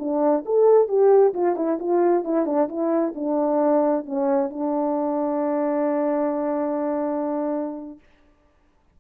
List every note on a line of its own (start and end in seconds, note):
0.00 0.45 D4
0.46 0.89 A4
0.89 1.34 G4
1.34 1.56 F4
1.56 1.79 E4
1.80 2.25 F4
2.25 2.46 E4
2.46 2.69 D4
2.69 3.14 E4
3.16 4.06 D4
4.06 4.50 C#4
4.50 8.00 D4